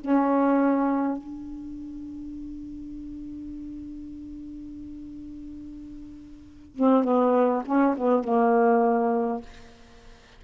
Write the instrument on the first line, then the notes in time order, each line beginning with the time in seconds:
saxophone
0.00 C#4
1.17 D4
6.75 C4
7.03 B3
7.65 C#4
7.97 B3
8.24 A#3